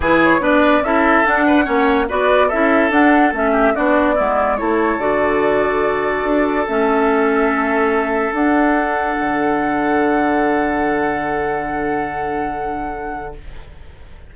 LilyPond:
<<
  \new Staff \with { instrumentName = "flute" } { \time 4/4 \tempo 4 = 144 b'8 cis''8 d''4 e''4 fis''4~ | fis''4 d''4 e''4 fis''4 | e''4 d''2 cis''4 | d''1 |
e''1 | fis''1~ | fis''1~ | fis''1 | }
  \new Staff \with { instrumentName = "oboe" } { \time 4/4 gis'4 b'4 a'4. b'8 | cis''4 b'4 a'2~ | a'8 g'8 fis'4 e'4 a'4~ | a'1~ |
a'1~ | a'1~ | a'1~ | a'1 | }
  \new Staff \with { instrumentName = "clarinet" } { \time 4/4 e'4 d'4 e'4 d'4 | cis'4 fis'4 e'4 d'4 | cis'4 d'4 b4 e'4 | fis'1 |
cis'1 | d'1~ | d'1~ | d'1 | }
  \new Staff \with { instrumentName = "bassoon" } { \time 4/4 e4 b4 cis'4 d'4 | ais4 b4 cis'4 d'4 | a4 b4 gis4 a4 | d2. d'4 |
a1 | d'2 d2~ | d1~ | d1 | }
>>